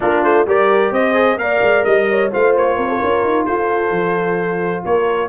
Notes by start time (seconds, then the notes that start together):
0.00 A#3 D4 F4 A#4
0.23 A3 C5
0.45 G3 G4 A#4 D5
0.91 C4 C5 D#5
1.13 G#4
1.37 A#3 A#4 D5 F5
1.62 G#3
1.84 G3 D#5
2.10 C#5
2.31 A3 F4 C5 F5
2.56 A#3 C#5
2.76 C4 A#4
2.88 A4
2.99 C#4 A#4
3.23 D#4
3.45 F4 A4 C5
3.90 F3
4.85 A#3 A#4 C#5